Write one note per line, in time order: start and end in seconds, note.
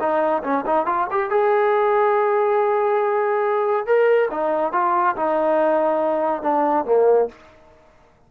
0.00 0.43 D#4
0.44 0.65 C#4
0.66 0.86 D#4
0.86 1.08 F4
1.11 1.31 G4
1.31 3.87 G#4
3.87 4.30 A#4
4.31 4.73 D#4
4.73 5.16 F4
5.16 6.43 D#4
6.43 6.86 D4
6.86 7.29 A#3